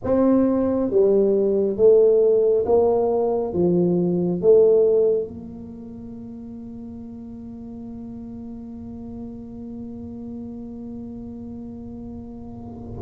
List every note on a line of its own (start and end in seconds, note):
0.04 0.90 C4
0.90 1.76 G3
1.76 2.65 A3
2.65 3.53 A#3
3.53 4.41 F3
4.41 5.27 A3
5.27 12.99 A#3